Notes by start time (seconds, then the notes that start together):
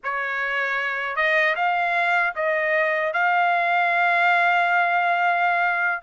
0.03 C#5
1.16 D#5
1.55 F5
2.35 D#5
3.13 F5